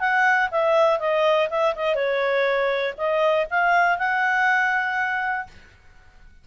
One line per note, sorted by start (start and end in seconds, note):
0.00 0.50 F#5
0.51 1.00 E5
1.00 1.49 D#5
1.50 1.75 E5
1.76 1.95 D#5
1.95 2.94 C#5
2.97 3.47 D#5
3.50 3.98 F5
3.98 5.47 F#5